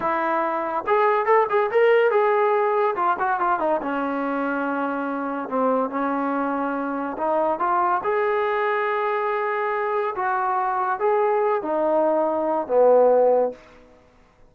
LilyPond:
\new Staff \with { instrumentName = "trombone" } { \time 4/4 \tempo 4 = 142 e'2 gis'4 a'8 gis'8 | ais'4 gis'2 f'8 fis'8 | f'8 dis'8 cis'2.~ | cis'4 c'4 cis'2~ |
cis'4 dis'4 f'4 gis'4~ | gis'1 | fis'2 gis'4. dis'8~ | dis'2 b2 | }